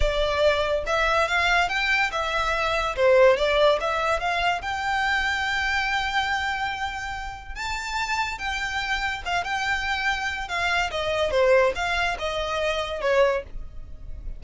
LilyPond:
\new Staff \with { instrumentName = "violin" } { \time 4/4 \tempo 4 = 143 d''2 e''4 f''4 | g''4 e''2 c''4 | d''4 e''4 f''4 g''4~ | g''1~ |
g''2 a''2 | g''2 f''8 g''4.~ | g''4 f''4 dis''4 c''4 | f''4 dis''2 cis''4 | }